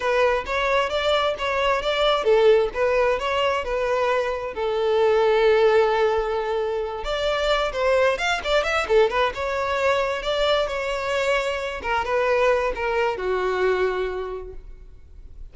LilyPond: \new Staff \with { instrumentName = "violin" } { \time 4/4 \tempo 4 = 132 b'4 cis''4 d''4 cis''4 | d''4 a'4 b'4 cis''4 | b'2 a'2~ | a'2.~ a'8 d''8~ |
d''4 c''4 f''8 d''8 e''8 a'8 | b'8 cis''2 d''4 cis''8~ | cis''2 ais'8 b'4. | ais'4 fis'2. | }